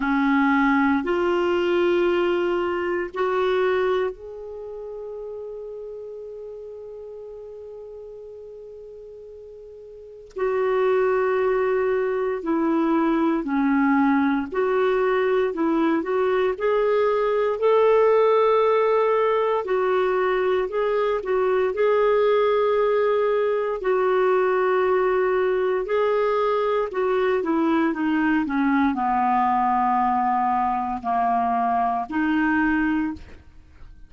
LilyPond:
\new Staff \with { instrumentName = "clarinet" } { \time 4/4 \tempo 4 = 58 cis'4 f'2 fis'4 | gis'1~ | gis'2 fis'2 | e'4 cis'4 fis'4 e'8 fis'8 |
gis'4 a'2 fis'4 | gis'8 fis'8 gis'2 fis'4~ | fis'4 gis'4 fis'8 e'8 dis'8 cis'8 | b2 ais4 dis'4 | }